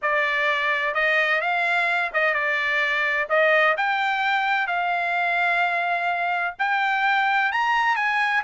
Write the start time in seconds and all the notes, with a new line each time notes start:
0.02 D5
0.94 D#5
1.41 F5
2.13 D#5
2.34 D5
3.29 D#5
3.77 G5
4.67 F5
6.59 G5
7.51 A#5
7.96 G#5